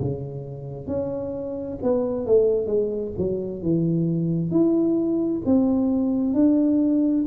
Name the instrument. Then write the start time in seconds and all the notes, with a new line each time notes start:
tuba
0.00 C#3
0.87 C#4
1.82 B3
2.26 A3
2.66 G#3
3.17 F#3
3.62 E3
4.50 E4
5.45 C4
6.33 D4